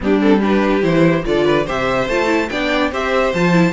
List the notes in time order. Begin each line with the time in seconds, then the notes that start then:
0.00 G3 B3 D4 G4
0.20 C4 A4
0.40 D4 G4 B4
0.82 E3 E4 C5
1.24 D3 F4 A4 D5
1.44 B4
1.65 C3 G4 C5 E5
2.07 A3 F4 A5
2.26 E4
2.49 B3 D4 D5 G5
2.91 C4 G4 C5 E5
3.33 F3 F4 A5
3.52 E4